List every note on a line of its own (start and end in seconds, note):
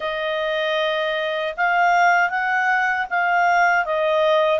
0.00 1.54 D#5
1.56 2.29 F5
2.29 3.06 F#5
3.09 3.85 F5
3.85 4.59 D#5